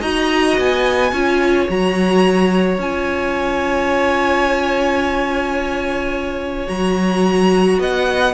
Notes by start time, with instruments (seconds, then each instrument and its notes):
0.00 cello D#4, viola F#4, violin D#5 A#5
0.58 cello B3, violin G#5
1.12 cello C#4, viola F4, violin C#5
1.69 cello F#3, viola F#4, violin A#5
2.78 cello C#4, viola F4, violin G#5
6.67 cello F#3, viola F#4, violin A#5
7.78 cello B3, violin D#5 F#5